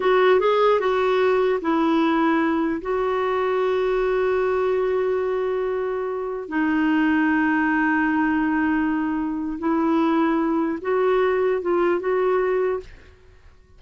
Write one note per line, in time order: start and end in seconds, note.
0.00 0.40 F#4
0.40 0.79 G#4
0.79 1.59 F#4
1.61 2.81 E4
2.81 6.48 F#4
6.48 9.58 D#4
9.58 10.78 E4
10.81 11.61 F#4
11.61 12.00 F4
12.00 12.80 F#4